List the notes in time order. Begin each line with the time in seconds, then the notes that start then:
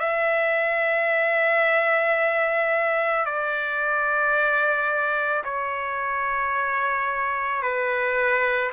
0.00 E5
3.25 D5
5.44 C#5
7.62 B4